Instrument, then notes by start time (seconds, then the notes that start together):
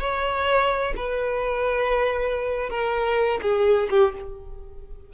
violin
0.00 C#5
0.96 B4
2.70 A#4
3.42 G#4
3.90 G4